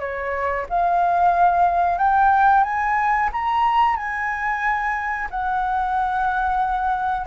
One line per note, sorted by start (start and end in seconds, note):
0.00 0.66 C#5
0.70 1.98 F5
1.98 2.64 G5
2.64 3.30 G#5
3.33 3.97 A#5
3.97 5.29 G#5
5.31 7.27 F#5